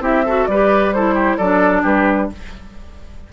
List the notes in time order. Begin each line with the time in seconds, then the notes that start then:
0.00 C4 E4 G4 E5
0.25 F#4 A4
0.45 G3 B4 D5
0.52 G4
0.92 E4 A4 C5
1.14 G4
1.37 F#3 D4 A4 D5
1.82 G3 G4 B4